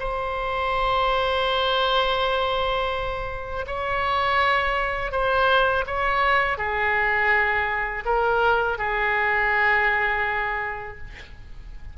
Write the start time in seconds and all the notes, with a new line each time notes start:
0.00 C5
3.67 C#5
5.12 C5
5.87 C#5
6.58 G#4
8.06 A#4
8.79 G#4